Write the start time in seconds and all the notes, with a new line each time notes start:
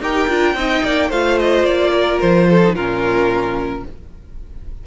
0.00 D#4 G4 A#4 G5
0.28 D4 F4
0.54 C4 D#4 D#5
0.84 A#3 D5
1.08 A3 F4 C5 F5
1.38 D#5
1.64 A#3 D5
1.92 A#4
2.20 F3 C5
2.49 A4
2.63 D#4
2.73 A#2 C#4 F4 A#4